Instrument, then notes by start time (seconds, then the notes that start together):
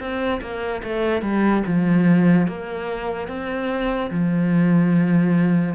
cello
0.00 C4
0.41 A#3
0.84 A3
1.22 G3
1.67 F3
2.48 A#3
3.28 C4
4.11 F3